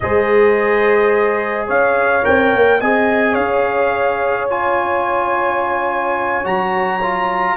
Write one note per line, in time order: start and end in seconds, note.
0.00 1.68 G#3
0.00 2.23 G#4
0.00 1.66 C5
0.00 1.67 D#5
1.66 2.24 C#4
1.66 2.78 C#5
1.66 2.24 F5
2.23 2.53 C4
2.23 2.79 A#4
2.23 2.80 G5
2.53 2.81 A#3
2.80 3.37 C4
2.80 4.49 G#4
2.80 3.32 D#5
2.80 3.34 G#5
3.32 6.45 C#4
3.32 7.52 C#5
3.32 4.46 F5
4.49 6.44 F4
4.49 6.46 G#5
6.44 7.57 F#3
6.44 7.00 F#4
6.44 7.57 A#5
7.02 7.57 F4